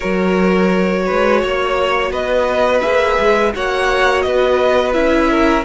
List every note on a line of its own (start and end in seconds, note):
0.00 1.09 F#3
0.00 2.81 F#4
0.00 1.03 A#4
0.00 2.11 C#5
1.05 1.44 G#3
1.05 1.41 B4
1.41 2.11 A#3
1.41 2.12 C#5
2.11 2.81 B3
2.11 3.53 B4
2.11 2.81 D#5
2.81 3.18 A#3
2.81 3.52 G#4
2.81 3.51 E5
3.18 3.54 G#3
3.54 4.25 A#3
3.54 4.93 F#4
3.54 4.25 C#5
3.54 4.21 F#5
4.21 4.95 B3
4.21 5.30 B4
4.21 4.92 D#5
4.93 5.64 C#4
4.93 5.63 E4
4.93 5.64 E5
5.30 5.64 A#4